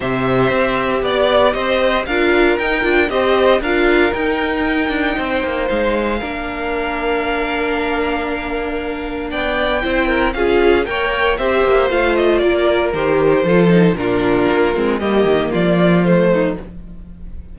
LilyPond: <<
  \new Staff \with { instrumentName = "violin" } { \time 4/4 \tempo 4 = 116 e''2 d''4 dis''4 | f''4 g''4 dis''4 f''4 | g''2. f''4~ | f''1~ |
f''2 g''2 | f''4 g''4 e''4 f''8 dis''8 | d''4 c''2 ais'4~ | ais'4 dis''4 d''4 c''4 | }
  \new Staff \with { instrumentName = "violin" } { \time 4/4 c''2 d''4 c''4 | ais'2 c''4 ais'4~ | ais'2 c''2 | ais'1~ |
ais'2 d''4 c''8 ais'8 | gis'4 cis''4 c''2 | ais'2 a'4 f'4~ | f'4 g'4 f'4. dis'8 | }
  \new Staff \with { instrumentName = "viola" } { \time 4/4 g'1 | f'4 dis'8 f'8 g'4 f'4 | dis'1 | d'1~ |
d'2. e'4 | f'4 ais'4 g'4 f'4~ | f'4 g'4 f'8 dis'8 d'4~ | d'8 c'8 ais2 a4 | }
  \new Staff \with { instrumentName = "cello" } { \time 4/4 c4 c'4 b4 c'4 | d'4 dis'8 d'8 c'4 d'4 | dis'4. d'8 c'8 ais8 gis4 | ais1~ |
ais2 b4 c'4 | cis'4 ais4 c'8 ais8 a4 | ais4 dis4 f4 ais,4 | ais8 gis8 g8 dis8 f2 | }
>>